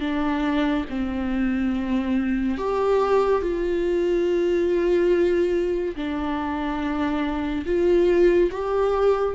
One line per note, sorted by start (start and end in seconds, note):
0.00 0.85 D4
0.89 2.58 C4
2.58 3.41 G4
3.41 5.95 F4
5.96 7.65 D4
7.65 8.50 F4
8.50 9.34 G4